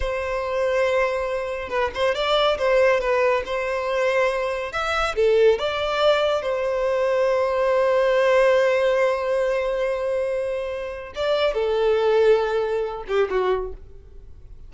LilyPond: \new Staff \with { instrumentName = "violin" } { \time 4/4 \tempo 4 = 140 c''1 | b'8 c''8 d''4 c''4 b'4 | c''2. e''4 | a'4 d''2 c''4~ |
c''1~ | c''1~ | c''2 d''4 a'4~ | a'2~ a'8 g'8 fis'4 | }